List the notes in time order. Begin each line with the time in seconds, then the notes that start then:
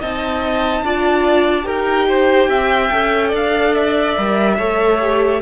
0.00 C4 D#4 D#5 A5
0.82 D4 F4 D5
1.63 D#4 G4 A#4 G5
2.09 C5
2.48 C4 E5
2.91 C#4 A4
3.28 D4 D5
3.35 F5
3.74 E5
4.16 G3 A#4
4.58 A3 A4 C#5
5.00 G4